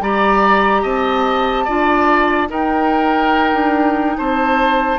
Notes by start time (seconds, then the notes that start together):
0.00 G3 G4 D5 A#5
0.82 C4 D#5 A5
1.65 D4 F4 D5
2.48 D#4 A#4 G5
3.53 D4
4.17 C4 C5 A5